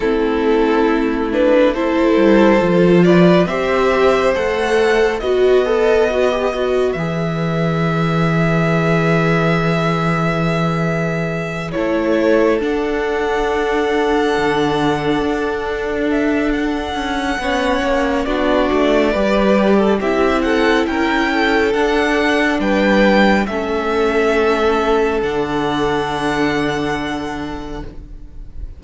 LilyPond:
<<
  \new Staff \with { instrumentName = "violin" } { \time 4/4 \tempo 4 = 69 a'4. b'8 c''4. d''8 | e''4 fis''4 dis''2 | e''1~ | e''4. cis''4 fis''4.~ |
fis''2~ fis''8 e''8 fis''4~ | fis''4 d''2 e''8 fis''8 | g''4 fis''4 g''4 e''4~ | e''4 fis''2. | }
  \new Staff \with { instrumentName = "violin" } { \time 4/4 e'2 a'4. b'8 | c''2 b'2~ | b'1~ | b'4. a'2~ a'8~ |
a'1 | cis''4 fis'4 b'8. a'16 g'8 a'8 | ais'8 a'4. b'4 a'4~ | a'1 | }
  \new Staff \with { instrumentName = "viola" } { \time 4/4 c'4. d'8 e'4 f'4 | g'4 a'4 fis'8 a'8 fis'16 g'16 fis'8 | gis'1~ | gis'4. e'4 d'4.~ |
d'1 | cis'4 d'4 g'4 e'4~ | e'4 d'2 cis'4~ | cis'4 d'2. | }
  \new Staff \with { instrumentName = "cello" } { \time 4/4 a2~ a8 g8 f4 | c'4 a4 b2 | e1~ | e4. a4 d'4.~ |
d'8 d4 d'2 cis'8 | b8 ais8 b8 a8 g4 c'4 | cis'4 d'4 g4 a4~ | a4 d2. | }
>>